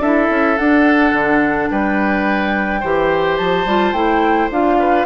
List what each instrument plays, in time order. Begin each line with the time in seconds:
0.00 bassoon D4, clarinet E4, oboe A4, flute E5
0.30 bassoon C#4
0.57 clarinet D4, bassoon D4, flute F#5
1.12 bassoon D3
1.70 bassoon G3, oboe B4, flute G5
2.80 bassoon E3, clarinet G4, oboe C5
3.37 bassoon F3, flute A5
3.65 bassoon G3, clarinet F4
3.92 bassoon A3, clarinet E4, flute G5
4.50 bassoon D4, clarinet F4, flute F5
4.79 oboe B4